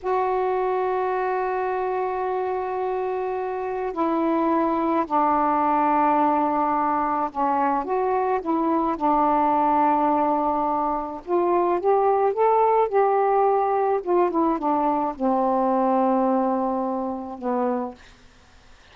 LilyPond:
\new Staff \with { instrumentName = "saxophone" } { \time 4/4 \tempo 4 = 107 fis'1~ | fis'2. e'4~ | e'4 d'2.~ | d'4 cis'4 fis'4 e'4 |
d'1 | f'4 g'4 a'4 g'4~ | g'4 f'8 e'8 d'4 c'4~ | c'2. b4 | }